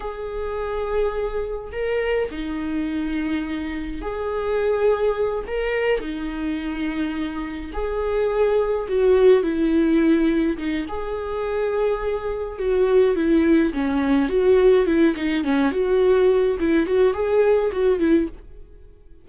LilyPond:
\new Staff \with { instrumentName = "viola" } { \time 4/4 \tempo 4 = 105 gis'2. ais'4 | dis'2. gis'4~ | gis'4. ais'4 dis'4.~ | dis'4. gis'2 fis'8~ |
fis'8 e'2 dis'8 gis'4~ | gis'2 fis'4 e'4 | cis'4 fis'4 e'8 dis'8 cis'8 fis'8~ | fis'4 e'8 fis'8 gis'4 fis'8 e'8 | }